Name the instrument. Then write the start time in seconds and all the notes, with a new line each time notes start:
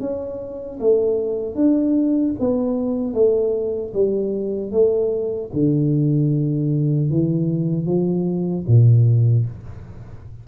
tuba
0.00 C#4
0.80 A3
1.55 D4
2.39 B3
3.13 A3
3.94 G3
4.72 A3
5.53 D3
7.10 E3
7.86 F3
8.67 A#2